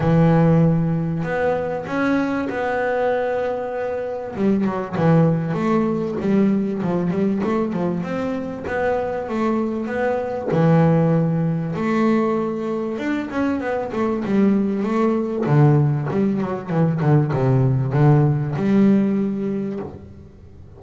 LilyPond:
\new Staff \with { instrumentName = "double bass" } { \time 4/4 \tempo 4 = 97 e2 b4 cis'4 | b2. g8 fis8 | e4 a4 g4 f8 g8 | a8 f8 c'4 b4 a4 |
b4 e2 a4~ | a4 d'8 cis'8 b8 a8 g4 | a4 d4 g8 fis8 e8 d8 | c4 d4 g2 | }